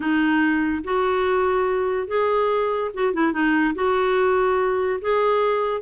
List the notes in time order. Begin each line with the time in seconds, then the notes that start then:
0.00 D#4
0.84 F#4
2.07 G#4
2.94 F#4
3.13 E4
3.32 D#4
3.74 F#4
5.01 G#4